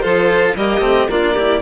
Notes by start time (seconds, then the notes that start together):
0.00 F3 F4 A4 C5
0.56 G3 A#3 G4 D#5
0.80 A3 C4
1.09 A#3 D4 F4 D5
1.33 E4 G4